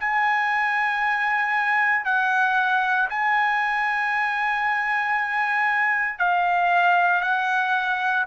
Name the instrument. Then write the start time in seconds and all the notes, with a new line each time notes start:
trumpet
0.00 G#5
2.05 F#5
3.09 G#5
6.19 F5
7.22 F#5